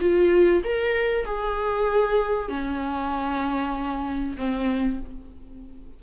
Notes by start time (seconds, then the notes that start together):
0.00 F4
0.64 A#4
1.25 G#4
2.49 C#4
4.37 C4